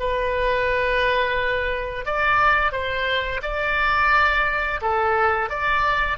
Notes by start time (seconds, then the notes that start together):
0.00 B4
2.06 D5
2.72 C5
3.43 D5
4.82 A4
5.50 D5